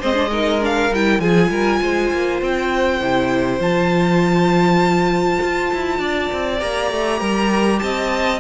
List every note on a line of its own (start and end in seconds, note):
0.00 0.91 G#3
0.00 0.14 C4
0.00 0.30 C5
0.00 0.63 D#5
0.14 0.29 D4
0.32 0.61 D#4
0.32 1.22 A#4
0.61 0.91 D4
0.61 0.94 F5
0.91 1.20 G3
0.91 1.23 E4
0.91 1.20 G5
1.20 1.50 F3
1.20 3.01 F4
1.20 1.51 G#4
1.20 2.40 G#5
1.50 1.80 G3
1.50 1.81 A#4
1.82 2.12 G#3
1.82 6.00 C5
2.13 2.42 A#3
2.42 3.01 C4
2.42 3.62 G5
3.01 3.59 C3
3.01 3.60 E4
3.59 5.39 F3
3.59 6.59 F4
3.59 6.61 A5
5.43 5.73 F4
5.73 5.99 E4
5.99 6.29 D4
5.99 7.20 D5
6.33 6.62 C4
6.59 6.91 A#3
6.59 8.39 G4
6.59 7.79 A#5
6.91 7.21 A3
7.20 7.81 G3
7.20 7.79 A#4
7.79 8.40 C4
7.79 8.40 D#5
7.79 8.39 A5